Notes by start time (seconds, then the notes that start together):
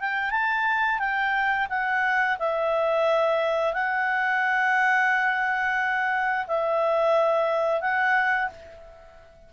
0.00 G5
0.31 A5
0.99 G5
1.69 F#5
2.39 E5
3.73 F#5
6.46 E5
7.81 F#5